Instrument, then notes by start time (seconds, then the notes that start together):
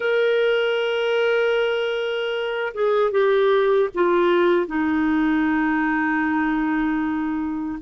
clarinet
0.00 A#4
2.74 G#4
3.11 G4
3.94 F4
4.66 D#4